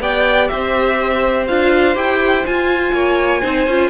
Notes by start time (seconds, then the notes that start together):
0.00 B3 G4 D5 G5
0.48 C4 C5 E5
1.47 D4 F4 F5
1.95 E4 G4 G5
2.45 F4 G#5
2.92 A#3 C#5
3.41 C4 D#4 C5
3.67 C#4 F4